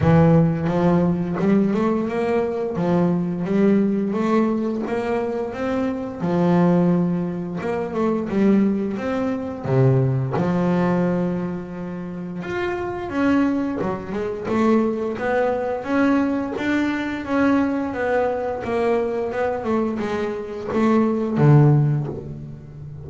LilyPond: \new Staff \with { instrumentName = "double bass" } { \time 4/4 \tempo 4 = 87 e4 f4 g8 a8 ais4 | f4 g4 a4 ais4 | c'4 f2 ais8 a8 | g4 c'4 c4 f4~ |
f2 f'4 cis'4 | fis8 gis8 a4 b4 cis'4 | d'4 cis'4 b4 ais4 | b8 a8 gis4 a4 d4 | }